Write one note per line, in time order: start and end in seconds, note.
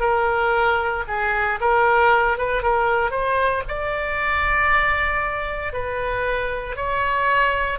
0.00 1.03 A#4
1.07 1.59 G#4
1.60 2.37 A#4
2.37 2.62 B4
2.62 3.11 A#4
3.11 3.63 C5
3.68 5.73 D5
5.73 6.76 B4
6.76 7.79 C#5